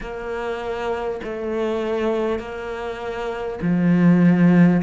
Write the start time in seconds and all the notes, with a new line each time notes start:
0.01 A#3
1.23 A3
2.39 A#3
3.62 F3